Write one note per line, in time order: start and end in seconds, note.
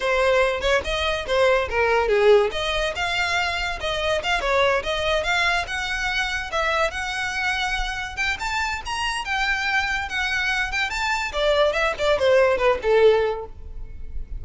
0.00 0.60 C5
0.60 0.81 C#5
0.84 1.26 D#5
1.27 1.69 C5
1.69 2.08 A#4
2.08 2.50 G#4
2.51 2.93 D#5
2.95 3.79 F5
3.80 4.22 D#5
4.23 4.41 F5
4.41 4.83 C#5
4.83 5.23 D#5
5.23 5.65 F5
5.67 6.51 F#5
6.51 6.90 E5
6.90 8.16 F#5
8.16 8.37 G5
8.39 8.81 A5
8.85 9.24 A#5
9.24 10.08 G5
10.08 10.71 F#5
10.71 10.90 G5
10.90 11.32 A5
11.32 11.73 D5
11.73 11.94 E5
11.98 12.18 D5
12.18 12.57 C5
12.57 12.78 B4
12.82 13.45 A4